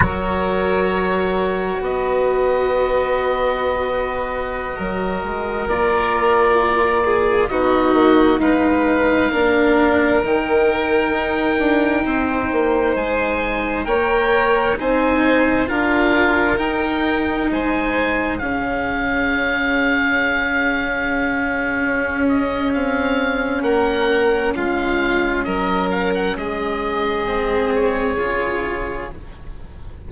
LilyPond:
<<
  \new Staff \with { instrumentName = "oboe" } { \time 4/4 \tempo 4 = 66 cis''2 dis''2~ | dis''2~ dis''16 d''4.~ d''16~ | d''16 dis''4 f''2 g''8.~ | g''2~ g''16 gis''4 g''8.~ |
g''16 gis''4 f''4 g''4 gis''8.~ | gis''16 f''2.~ f''8.~ | f''8 dis''8 f''4 fis''4 f''4 | dis''8 f''16 fis''16 dis''4. cis''4. | }
  \new Staff \with { instrumentName = "violin" } { \time 4/4 ais'2 b'2~ | b'4~ b'16 ais'2~ ais'8 gis'16~ | gis'16 fis'4 b'4 ais'4.~ ais'16~ | ais'4~ ais'16 c''2 cis''8.~ |
cis''16 c''4 ais'2 c''8.~ | c''16 gis'2.~ gis'8.~ | gis'2 ais'4 f'4 | ais'4 gis'2. | }
  \new Staff \with { instrumentName = "cello" } { \time 4/4 fis'1~ | fis'2~ fis'16 f'4.~ f'16~ | f'16 dis'2 d'4 dis'8.~ | dis'2.~ dis'16 ais'8.~ |
ais'16 dis'4 f'4 dis'4.~ dis'16~ | dis'16 cis'2.~ cis'8.~ | cis'1~ | cis'2 c'4 f'4 | }
  \new Staff \with { instrumentName = "bassoon" } { \time 4/4 fis2 b2~ | b4~ b16 fis8 gis8 ais4.~ ais16~ | ais16 b8 ais8 gis4 ais4 dis8.~ | dis16 dis'8 d'8 c'8 ais8 gis4 ais8.~ |
ais16 c'4 d'4 dis'4 gis8.~ | gis16 cis2.~ cis8. | cis'4 c'4 ais4 gis4 | fis4 gis2 cis4 | }
>>